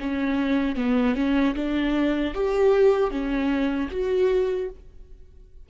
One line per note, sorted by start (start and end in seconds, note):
0.00 0.76 C#4
0.76 1.16 B3
1.16 1.55 C#4
1.55 2.34 D4
2.34 3.11 G4
3.11 3.90 C#4
3.91 4.70 F#4